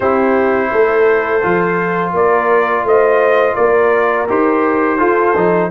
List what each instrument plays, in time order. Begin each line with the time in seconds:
0.00 tuba C4, trombone E4, horn G4, trumpet C5
0.72 tuba A3, horn A4
1.42 tuba F3, trombone F4
2.13 tuba A#3, horn A#4, trumpet D5
2.83 tuba A3, horn C5, trumpet D#5
3.55 tuba A#3, horn A#4, trumpet D5
4.28 tuba D#4, trombone G4, trumpet C5
4.98 trombone F4, tuba F4, horn A4
5.35 tuba F3, trombone D#4